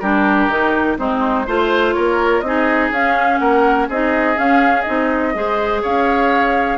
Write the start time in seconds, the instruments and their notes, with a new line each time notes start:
0.00 bassoon G3, clarinet D4, oboe G4, flute A#4
0.48 bassoon D#3, clarinet D#4
0.98 bassoon G#3, clarinet C4, oboe D#4, flute C5
1.47 bassoon A3, clarinet F4, oboe C5
1.93 bassoon A#3, oboe A#4, flute C#5
2.41 bassoon C4, clarinet D#4, flute D#5
2.47 oboe G#4
2.91 bassoon C#4, clarinet C#4, flute F5
3.38 bassoon A#3, oboe A#4, flute F#5
3.88 bassoon C4, clarinet D#4, oboe G#4, flute D#5
4.36 clarinet C#4, bassoon C#4, flute F5
4.82 clarinet D#4, flute D#5
4.88 bassoon C4
5.34 bassoon G#3, clarinet G#4, oboe C5
5.82 bassoon C#4, oboe C#5, flute F5